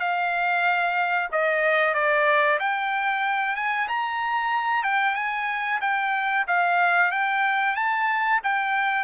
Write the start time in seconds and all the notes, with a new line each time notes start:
0.00 F5
1.32 D#5
1.95 D5
2.60 G5
3.56 G#5
3.89 A#5
4.84 G5
5.16 G#5
5.82 G5
6.48 F5
7.12 G5
7.76 A5
8.44 G5